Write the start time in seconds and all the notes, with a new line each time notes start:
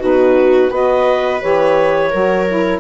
0.00 B2 D#4 F#4 B4
0.70 B3 F#4 B4 D#5
1.41 E3 G4 C#5
2.11 F#3 F#4 A#4
2.48 E4